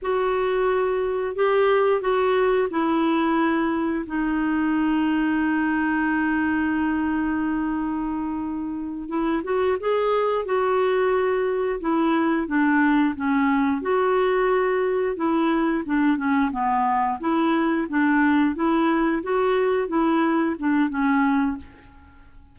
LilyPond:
\new Staff \with { instrumentName = "clarinet" } { \time 4/4 \tempo 4 = 89 fis'2 g'4 fis'4 | e'2 dis'2~ | dis'1~ | dis'4. e'8 fis'8 gis'4 fis'8~ |
fis'4. e'4 d'4 cis'8~ | cis'8 fis'2 e'4 d'8 | cis'8 b4 e'4 d'4 e'8~ | e'8 fis'4 e'4 d'8 cis'4 | }